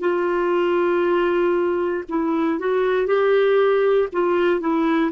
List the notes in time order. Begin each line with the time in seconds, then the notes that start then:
0.00 F4
2.08 E4
2.58 F#4
3.06 G4
4.12 F4
4.60 E4